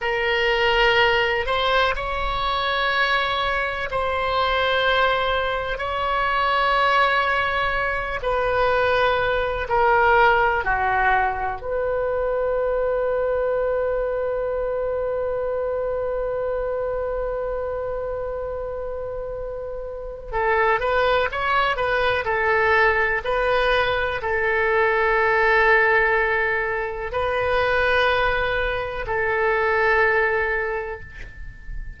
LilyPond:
\new Staff \with { instrumentName = "oboe" } { \time 4/4 \tempo 4 = 62 ais'4. c''8 cis''2 | c''2 cis''2~ | cis''8 b'4. ais'4 fis'4 | b'1~ |
b'1~ | b'4 a'8 b'8 cis''8 b'8 a'4 | b'4 a'2. | b'2 a'2 | }